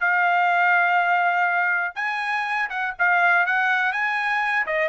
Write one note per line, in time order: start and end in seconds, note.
0.00 1.95 F5
1.95 2.69 G#5
2.70 2.94 F#5
2.99 3.46 F5
3.46 3.92 F#5
3.92 4.66 G#5
4.67 4.89 D#5